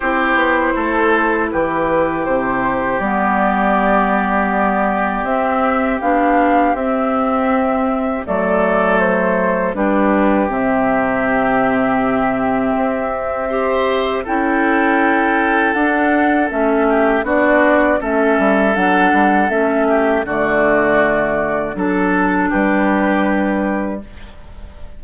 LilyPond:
<<
  \new Staff \with { instrumentName = "flute" } { \time 4/4 \tempo 4 = 80 c''2 b'4 c''4 | d''2. e''4 | f''4 e''2 d''4 | c''4 b'4 e''2~ |
e''2. g''4~ | g''4 fis''4 e''4 d''4 | e''4 fis''4 e''4 d''4~ | d''4 a'4 b'2 | }
  \new Staff \with { instrumentName = "oboe" } { \time 4/4 g'4 a'4 g'2~ | g'1~ | g'2. a'4~ | a'4 g'2.~ |
g'2 c''4 a'4~ | a'2~ a'8 g'8 fis'4 | a'2~ a'8 g'8 fis'4~ | fis'4 a'4 g'2 | }
  \new Staff \with { instrumentName = "clarinet" } { \time 4/4 e'1 | b2. c'4 | d'4 c'2 a4~ | a4 d'4 c'2~ |
c'2 g'4 e'4~ | e'4 d'4 cis'4 d'4 | cis'4 d'4 cis'4 a4~ | a4 d'2. | }
  \new Staff \with { instrumentName = "bassoon" } { \time 4/4 c'8 b8 a4 e4 c4 | g2. c'4 | b4 c'2 fis4~ | fis4 g4 c2~ |
c4 c'2 cis'4~ | cis'4 d'4 a4 b4 | a8 g8 fis8 g8 a4 d4~ | d4 fis4 g2 | }
>>